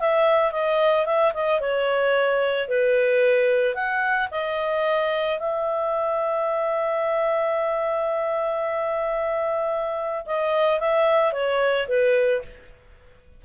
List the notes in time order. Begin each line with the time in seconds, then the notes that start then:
0.00 E5
0.52 D#5
1.06 E5
1.34 D#5
1.60 C#5
2.69 B4
3.75 F#5
4.31 D#5
5.40 E5
10.26 D#5
10.80 E5
11.33 C#5
11.88 B4